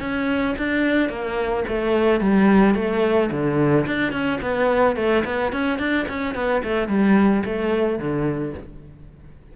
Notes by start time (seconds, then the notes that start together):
0.00 C#4
0.58 D4
1.09 A#3
1.68 A3
2.20 G3
2.75 A3
3.31 D3
3.86 D4
4.12 C#4
4.41 B3
4.96 A3
5.25 B3
5.52 C#4
5.79 D4
6.08 C#4
6.35 B3
6.64 A3
6.88 G3
7.45 A3
7.99 D3